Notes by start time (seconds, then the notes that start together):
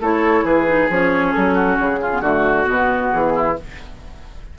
0.00 A3 E4 A4 C#5
0.43 E3 G#4 B4
0.66 D#4
0.90 F3 C#4 C#5
1.32 F#3 A4
1.54 F#4
1.78 C#3 G#4
2.01 F4
2.12 B3
2.21 D3 A3 F#4
2.64 B2 B3
3.12 E3 G#4
3.35 E4